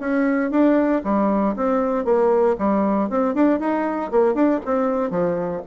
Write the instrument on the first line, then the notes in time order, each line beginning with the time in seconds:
bassoon
0.00 C#4
0.51 D4
1.04 G3
1.56 C4
2.04 A#3
2.58 G3
3.09 C4
3.34 D4
3.59 D#4
4.11 A#3
4.34 D4
4.65 C4
5.10 F3